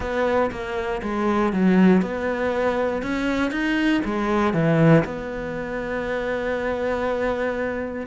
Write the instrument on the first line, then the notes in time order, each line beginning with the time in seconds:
cello
0.00 B3
0.51 A#3
1.02 G#3
1.52 F#3
2.01 B3
3.02 C#4
3.51 D#4
4.04 G#3
4.53 E3
5.04 B3